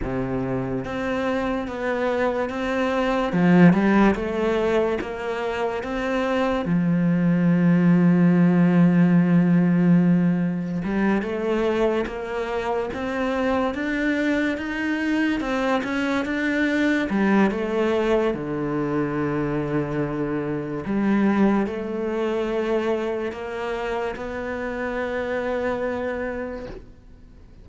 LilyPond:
\new Staff \with { instrumentName = "cello" } { \time 4/4 \tempo 4 = 72 c4 c'4 b4 c'4 | f8 g8 a4 ais4 c'4 | f1~ | f4 g8 a4 ais4 c'8~ |
c'8 d'4 dis'4 c'8 cis'8 d'8~ | d'8 g8 a4 d2~ | d4 g4 a2 | ais4 b2. | }